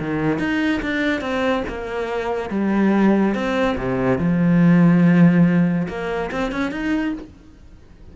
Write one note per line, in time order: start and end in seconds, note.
0.00 0.40 D#3
0.40 0.82 D#4
0.82 1.21 D4
1.21 1.64 C4
1.68 2.50 A#3
2.50 3.35 G3
3.35 3.77 C4
3.78 4.19 C3
4.19 5.88 F3
5.88 6.31 A#3
6.32 6.52 C4
6.52 6.71 C#4
6.71 7.14 D#4